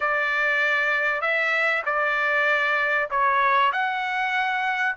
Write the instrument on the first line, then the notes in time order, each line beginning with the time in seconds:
trumpet
0.00 D5
1.21 E5
1.85 D5
3.10 C#5
3.72 F#5